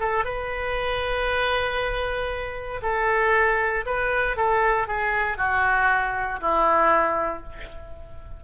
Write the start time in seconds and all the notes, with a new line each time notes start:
0.00 A4
0.25 B4
2.83 A4
3.86 B4
4.37 A4
4.88 G#4
5.38 F#4
6.41 E4